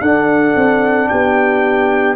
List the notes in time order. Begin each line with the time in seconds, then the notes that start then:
0.00 D4 A4 F#5
0.55 C4
1.08 B3 G4 G5